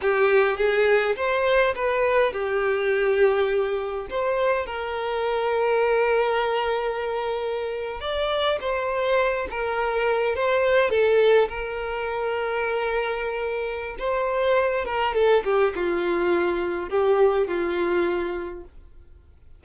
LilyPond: \new Staff \with { instrumentName = "violin" } { \time 4/4 \tempo 4 = 103 g'4 gis'4 c''4 b'4 | g'2. c''4 | ais'1~ | ais'4.~ ais'16 d''4 c''4~ c''16~ |
c''16 ais'4. c''4 a'4 ais'16~ | ais'1 | c''4. ais'8 a'8 g'8 f'4~ | f'4 g'4 f'2 | }